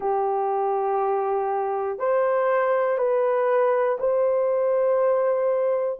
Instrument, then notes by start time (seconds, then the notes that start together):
horn
0.00 G4
1.99 C5
2.98 B4
3.99 C5